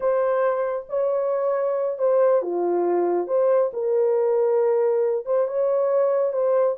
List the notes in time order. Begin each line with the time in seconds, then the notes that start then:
0.00 C5
0.89 C#5
1.98 C5
2.41 F4
3.27 C5
3.73 A#4
5.25 C5
5.47 C#5
6.32 C5